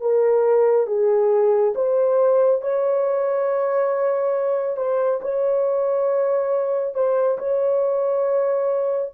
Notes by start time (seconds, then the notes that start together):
0.00 A#4
0.87 G#4
1.75 C5
2.61 C#5
4.77 C5
5.21 C#5
6.94 C5
7.38 C#5